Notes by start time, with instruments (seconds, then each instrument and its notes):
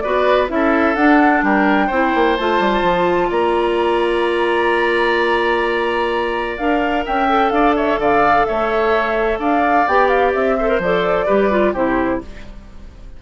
0.00 bassoon B3, clarinet F#4, oboe B4, flute D5
0.48 bassoon C#4, clarinet E4, flute E5
0.54 oboe A4
0.95 bassoon D4, clarinet D4, flute F#5
1.43 bassoon G3, oboe A#4, flute G5
1.87 bassoon C4, clarinet E4, oboe C5
2.15 bassoon A#3
2.36 bassoon A3, clarinet F4, flute A5
2.59 bassoon G3
2.82 bassoon F3
3.29 bassoon A#3, oboe D5, flute A#5
6.57 bassoon D4, clarinet A#4, flute F5
7.05 bassoon C#4, oboe E5, flute G5
7.29 clarinet A4
7.50 bassoon D4, oboe D5, flute F5
7.76 oboe C#5, flute E5
7.98 bassoon D3, oboe D5, flute F5
8.45 bassoon A3, oboe C#5, flute E5
9.39 bassoon D4, oboe D5, flute F5
9.87 bassoon B3, clarinet G4, flute G5
10.08 flute F5
10.34 bassoon C4, flute E5
10.58 clarinet A4, oboe C5
10.68 clarinet A#4
10.79 bassoon F3, clarinet A4, flute D5
11.26 bassoon G3, clarinet G4, oboe B4
11.50 clarinet F4
11.73 bassoon C3, clarinet E4, oboe G4, flute C5